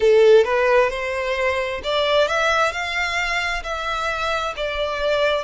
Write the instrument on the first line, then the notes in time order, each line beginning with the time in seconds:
violin
0.00 A4
0.44 B4
0.90 C5
1.83 D5
2.27 E5
2.71 F5
3.63 E5
4.56 D5